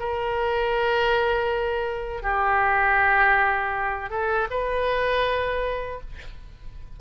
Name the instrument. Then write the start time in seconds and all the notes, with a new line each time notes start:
oboe
0.00 A#4
2.23 G4
4.10 A4
4.51 B4